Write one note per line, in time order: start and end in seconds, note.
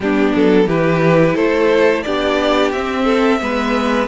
0.00 0.32 G3
0.00 0.69 B3
0.00 0.66 D4
0.00 0.34 G4
0.35 0.66 F#3
0.35 0.69 A4
0.66 1.34 E3
0.66 2.05 E4
0.66 1.34 G4
0.66 1.36 B4
1.34 2.04 A3
1.34 2.02 A4
1.34 2.03 C5
2.03 2.73 B3
2.03 2.73 D4
2.03 3.04 G4
2.03 2.71 D5
2.71 3.41 C4
2.71 3.40 C4
2.71 4.07 E5
3.04 3.38 A4
3.40 4.07 G#3
3.40 4.07 B3
3.40 4.07 B4